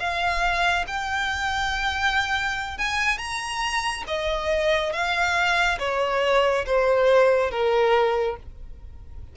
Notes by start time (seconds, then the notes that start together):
0.00 F5
0.88 G5
2.79 G#5
3.18 A#5
4.08 D#5
4.93 F5
5.80 C#5
6.67 C5
7.51 A#4